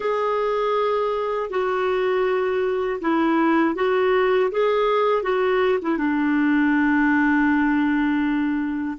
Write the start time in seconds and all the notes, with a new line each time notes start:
0.00 G#4
1.50 F#4
3.01 E4
3.75 F#4
4.51 G#4
5.22 F#4
5.82 E4
5.97 D4